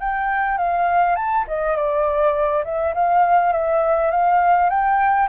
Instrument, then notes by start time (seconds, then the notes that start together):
flute
0.00 G5
0.58 F5
1.16 A5
1.48 D#5
1.76 D5
2.65 E5
2.95 F5
3.53 E5
4.11 F5
4.70 G5